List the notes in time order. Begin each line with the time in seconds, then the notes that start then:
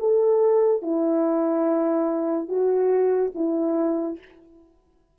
0.00 A4
0.83 E4
2.49 F#4
3.35 E4